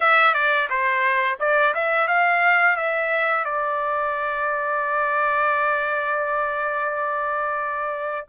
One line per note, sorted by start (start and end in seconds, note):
0.00 0.34 E5
0.34 0.68 D5
0.69 1.38 C5
1.39 1.74 D5
1.74 2.07 E5
2.07 2.76 F5
2.76 3.45 E5
3.45 8.27 D5